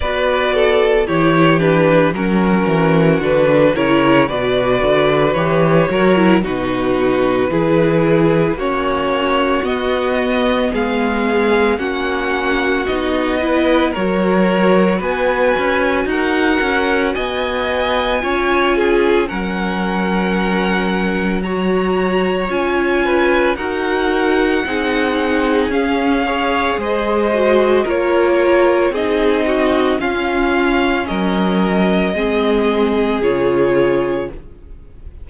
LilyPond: <<
  \new Staff \with { instrumentName = "violin" } { \time 4/4 \tempo 4 = 56 d''4 cis''8 b'8 ais'4 b'8 cis''8 | d''4 cis''4 b'2 | cis''4 dis''4 f''4 fis''4 | dis''4 cis''4 gis''4 fis''4 |
gis''2 fis''2 | ais''4 gis''4 fis''2 | f''4 dis''4 cis''4 dis''4 | f''4 dis''2 cis''4 | }
  \new Staff \with { instrumentName = "violin" } { \time 4/4 b'8 a'8 g'4 fis'4. ais'8 | b'4. ais'8 fis'4 gis'4 | fis'2 gis'4 fis'4~ | fis'8 b'8 ais'4 b'4 ais'4 |
dis''4 cis''8 gis'8 ais'2 | cis''4. b'8 ais'4 gis'4~ | gis'8 cis''8 c''4 ais'4 gis'8 fis'8 | f'4 ais'4 gis'2 | }
  \new Staff \with { instrumentName = "viola" } { \time 4/4 fis'4 e'8 d'8 cis'4 d'8 e'8 | fis'4 g'8 fis'16 e'16 dis'4 e'4 | cis'4 b2 cis'4 | dis'8 e'8 fis'2.~ |
fis'4 f'4 cis'2 | fis'4 f'4 fis'4 dis'4 | cis'8 gis'4 fis'8 f'4 dis'4 | cis'2 c'4 f'4 | }
  \new Staff \with { instrumentName = "cello" } { \time 4/4 b4 e4 fis8 e8 d8 cis8 | b,8 d8 e8 fis8 b,4 e4 | ais4 b4 gis4 ais4 | b4 fis4 b8 cis'8 dis'8 cis'8 |
b4 cis'4 fis2~ | fis4 cis'4 dis'4 c'4 | cis'4 gis4 ais4 c'4 | cis'4 fis4 gis4 cis4 | }
>>